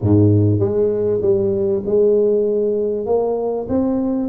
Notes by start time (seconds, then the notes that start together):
0.01 G#2
0.59 G#3
1.21 G3
1.85 G#3
3.06 A#3
3.68 C4